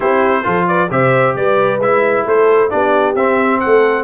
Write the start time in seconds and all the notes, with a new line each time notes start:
0.00 C4 E4 G4 C5
0.43 F3 F4 A4
0.67 B4 D5
0.90 C3 G4 C5 E5
1.35 G3 B4 D5
1.79 G#3 E4 E5
2.25 A3 A4 C5
2.69 B3 D4 G4 D5
3.14 C4 E5
3.60 A3 A4 F#5